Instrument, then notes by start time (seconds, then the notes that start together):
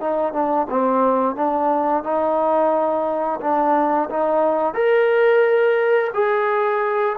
trombone
0.00 D#4
0.33 D4
0.69 C4
1.35 D4
2.03 D#4
3.41 D4
4.10 D#4
4.74 A#4
6.14 G#4